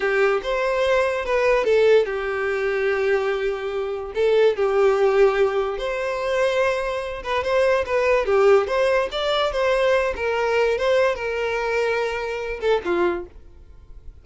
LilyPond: \new Staff \with { instrumentName = "violin" } { \time 4/4 \tempo 4 = 145 g'4 c''2 b'4 | a'4 g'2.~ | g'2 a'4 g'4~ | g'2 c''2~ |
c''4. b'8 c''4 b'4 | g'4 c''4 d''4 c''4~ | c''8 ais'4. c''4 ais'4~ | ais'2~ ais'8 a'8 f'4 | }